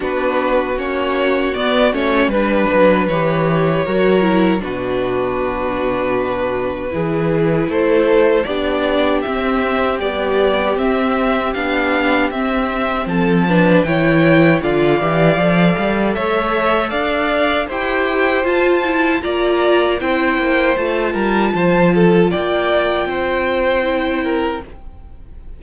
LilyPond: <<
  \new Staff \with { instrumentName = "violin" } { \time 4/4 \tempo 4 = 78 b'4 cis''4 d''8 cis''8 b'4 | cis''2 b'2~ | b'2 c''4 d''4 | e''4 d''4 e''4 f''4 |
e''4 a''4 g''4 f''4~ | f''4 e''4 f''4 g''4 | a''4 ais''4 g''4 a''4~ | a''4 g''2. | }
  \new Staff \with { instrumentName = "violin" } { \time 4/4 fis'2. b'4~ | b'4 ais'4 fis'2~ | fis'4 gis'4 a'4 g'4~ | g'1~ |
g'4 a'8 b'8 cis''4 d''4~ | d''4 cis''4 d''4 c''4~ | c''4 d''4 c''4. ais'8 | c''8 a'8 d''4 c''4. ais'8 | }
  \new Staff \with { instrumentName = "viola" } { \time 4/4 d'4 cis'4 b8 cis'8 d'4 | g'4 fis'8 e'8 d'2~ | d'4 e'2 d'4 | c'4 g4 c'4 d'4 |
c'4. d'8 e'4 f'8 g'8 | a'2. g'4 | f'8 e'8 f'4 e'4 f'4~ | f'2. e'4 | }
  \new Staff \with { instrumentName = "cello" } { \time 4/4 b4 ais4 b8 a8 g8 fis8 | e4 fis4 b,2~ | b,4 e4 a4 b4 | c'4 b4 c'4 b4 |
c'4 f4 e4 d8 e8 | f8 g8 a4 d'4 e'4 | f'4 ais4 c'8 ais8 a8 g8 | f4 ais4 c'2 | }
>>